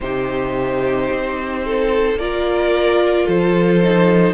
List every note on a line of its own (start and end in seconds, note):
0.00 1.09 C3
0.00 2.20 D#4
0.00 1.65 G4
0.00 2.18 C5
1.11 2.15 C4
1.65 2.19 A4
2.15 3.24 A#3
2.15 3.83 F4
2.15 3.25 A#4
2.15 3.27 D5
3.25 4.33 F3
3.25 4.33 A4
3.25 4.33 C5
3.83 4.33 D#4